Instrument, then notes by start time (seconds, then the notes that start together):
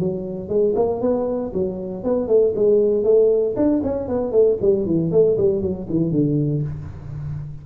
tuba
0.00 F#3
0.49 G#3
0.76 A#3
1.01 B3
1.54 F#3
2.04 B3
2.28 A3
2.56 G#3
3.04 A3
3.57 D4
3.84 C#4
4.09 B3
4.32 A3
4.62 G3
4.86 E3
5.12 A3
5.38 G3
5.62 F#3
5.90 E3
6.12 D3